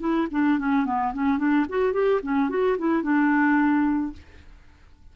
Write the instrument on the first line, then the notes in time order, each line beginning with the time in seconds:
clarinet
0.00 E4
0.31 D4
0.59 C#4
0.86 B3
1.13 C#4
1.38 D4
1.69 F#4
1.93 G4
2.22 C#4
2.49 F#4
2.78 E4
3.03 D4